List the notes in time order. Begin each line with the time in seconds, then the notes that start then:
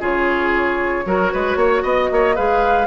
0.00 C#3 F4 G#4 C#5
1.06 F#3 F#4 A#4
1.32 G#3 B4
1.56 A#3 C#5
1.83 B3 D#5
2.11 A#3 C#5
2.35 G#3 G#4 B4 F5